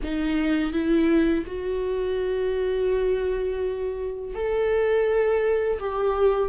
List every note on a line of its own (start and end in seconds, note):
0.03 0.72 D#4
0.72 1.44 E4
1.46 4.34 F#4
4.34 5.79 A4
5.79 6.49 G4